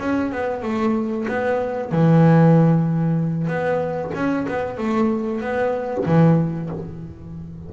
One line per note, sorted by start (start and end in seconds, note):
0.00 0.32 C#4
0.32 0.63 B3
0.63 1.27 A3
1.28 1.92 B3
1.92 3.48 E3
3.48 4.12 B3
4.15 4.47 C#4
4.48 4.78 B3
4.78 5.41 A3
5.41 6.05 B3
6.06 6.70 E3